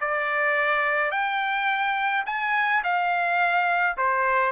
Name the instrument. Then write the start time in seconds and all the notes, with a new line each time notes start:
trumpet
0.00 D5
1.11 G5
2.26 G#5
2.84 F5
3.97 C5